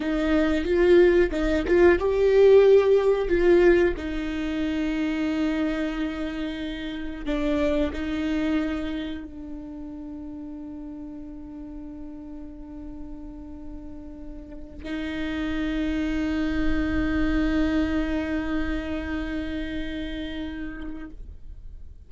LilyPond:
\new Staff \with { instrumentName = "viola" } { \time 4/4 \tempo 4 = 91 dis'4 f'4 dis'8 f'8 g'4~ | g'4 f'4 dis'2~ | dis'2. d'4 | dis'2 d'2~ |
d'1~ | d'2~ d'8 dis'4.~ | dis'1~ | dis'1 | }